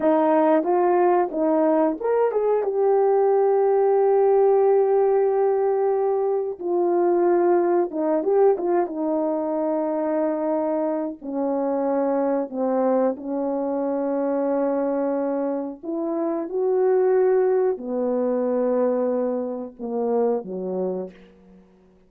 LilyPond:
\new Staff \with { instrumentName = "horn" } { \time 4/4 \tempo 4 = 91 dis'4 f'4 dis'4 ais'8 gis'8 | g'1~ | g'2 f'2 | dis'8 g'8 f'8 dis'2~ dis'8~ |
dis'4 cis'2 c'4 | cis'1 | e'4 fis'2 b4~ | b2 ais4 fis4 | }